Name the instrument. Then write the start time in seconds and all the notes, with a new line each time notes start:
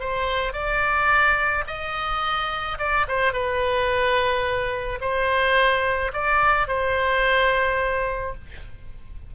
oboe
0.00 C5
0.53 D5
1.67 D#5
2.79 D5
3.08 C5
3.33 B4
5.01 C5
6.13 D5
6.68 C5